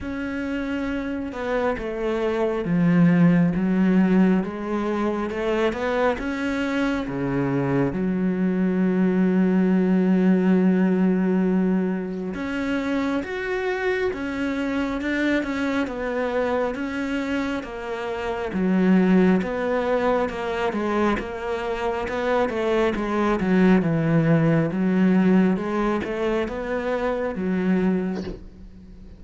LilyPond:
\new Staff \with { instrumentName = "cello" } { \time 4/4 \tempo 4 = 68 cis'4. b8 a4 f4 | fis4 gis4 a8 b8 cis'4 | cis4 fis2.~ | fis2 cis'4 fis'4 |
cis'4 d'8 cis'8 b4 cis'4 | ais4 fis4 b4 ais8 gis8 | ais4 b8 a8 gis8 fis8 e4 | fis4 gis8 a8 b4 fis4 | }